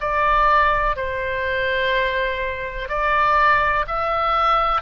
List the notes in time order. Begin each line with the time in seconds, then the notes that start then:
0.00 D5
0.96 C5
2.89 D5
3.87 E5